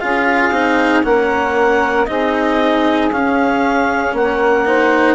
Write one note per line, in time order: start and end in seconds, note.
0.00 0.52 C#4
0.00 0.53 F4
0.00 1.05 G#4
0.00 1.03 F5
0.52 1.03 C4
0.52 1.04 D#4
1.04 2.08 A#3
1.04 2.07 C#4
1.04 2.09 A#4
1.04 2.06 F#5
2.06 3.12 C4
2.06 3.11 D#4
2.06 4.16 G#4
2.06 3.09 D#5
3.12 4.14 C#4
3.12 4.66 C#4
3.12 4.16 F5
4.14 5.16 A#3
4.14 4.67 A#4
4.14 5.16 F#5
4.66 5.16 D#4
4.66 5.16 C5